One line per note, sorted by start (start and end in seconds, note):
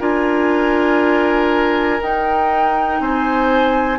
0.00 2.00 D4
0.00 2.00 F4
0.00 3.00 A#4
0.00 2.01 G#5
2.01 3.99 D#4
2.01 3.00 D#4
2.01 3.01 G5
3.00 3.99 C4
3.00 3.99 C5
3.00 3.99 G#5